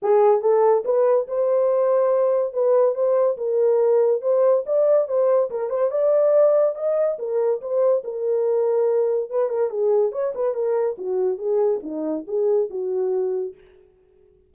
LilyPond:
\new Staff \with { instrumentName = "horn" } { \time 4/4 \tempo 4 = 142 gis'4 a'4 b'4 c''4~ | c''2 b'4 c''4 | ais'2 c''4 d''4 | c''4 ais'8 c''8 d''2 |
dis''4 ais'4 c''4 ais'4~ | ais'2 b'8 ais'8 gis'4 | cis''8 b'8 ais'4 fis'4 gis'4 | dis'4 gis'4 fis'2 | }